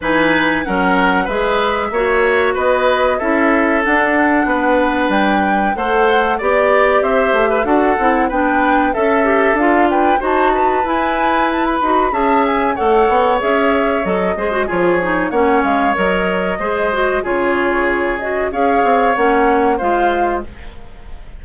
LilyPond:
<<
  \new Staff \with { instrumentName = "flute" } { \time 4/4 \tempo 4 = 94 gis''4 fis''4 e''2 | dis''4 e''4 fis''2 | g''4 fis''4 d''4 e''4 | fis''4 g''4 e''4 f''8 g''8 |
a''4 gis''4 a''16 b''8. a''8 gis''8 | fis''4 e''4 dis''4 cis''4 | fis''8 f''8 dis''2 cis''4~ | cis''8 dis''8 f''4 fis''4 f''4 | }
  \new Staff \with { instrumentName = "oboe" } { \time 4/4 b'4 ais'4 b'4 cis''4 | b'4 a'2 b'4~ | b'4 c''4 d''4 c''8. b'16 | a'4 b'4 a'4. b'8 |
c''8 b'2~ b'8 e''4 | cis''2~ cis''8 c''8 gis'4 | cis''2 c''4 gis'4~ | gis'4 cis''2 c''4 | }
  \new Staff \with { instrumentName = "clarinet" } { \time 4/4 dis'4 cis'4 gis'4 fis'4~ | fis'4 e'4 d'2~ | d'4 a'4 g'2 | fis'8 e'8 d'4 a'8 g'8 f'4 |
fis'4 e'4. fis'8 gis'4 | a'4 gis'4 a'8 gis'16 fis'16 f'8 dis'8 | cis'4 ais'4 gis'8 fis'8 f'4~ | f'8 fis'8 gis'4 cis'4 f'4 | }
  \new Staff \with { instrumentName = "bassoon" } { \time 4/4 e4 fis4 gis4 ais4 | b4 cis'4 d'4 b4 | g4 a4 b4 c'8 a8 | d'8 c'8 b4 cis'4 d'4 |
dis'4 e'4. dis'8 cis'4 | a8 b8 cis'4 fis8 gis8 f4 | ais8 gis8 fis4 gis4 cis4~ | cis4 cis'8 c'8 ais4 gis4 | }
>>